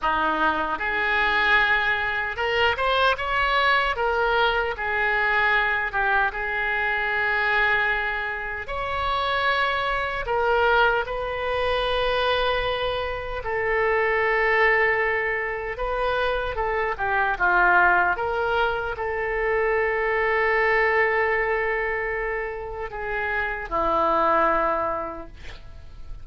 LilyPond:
\new Staff \with { instrumentName = "oboe" } { \time 4/4 \tempo 4 = 76 dis'4 gis'2 ais'8 c''8 | cis''4 ais'4 gis'4. g'8 | gis'2. cis''4~ | cis''4 ais'4 b'2~ |
b'4 a'2. | b'4 a'8 g'8 f'4 ais'4 | a'1~ | a'4 gis'4 e'2 | }